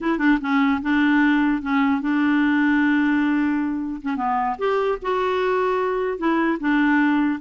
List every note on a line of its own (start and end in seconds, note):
0.00 0.18 E4
0.18 0.38 D4
0.41 0.81 C#4
0.82 1.62 D4
1.62 2.01 C#4
2.01 4.01 D4
4.01 4.16 C#4
4.16 4.56 B3
4.58 4.98 G4
5.02 6.17 F#4
6.17 6.57 E4
6.59 7.39 D4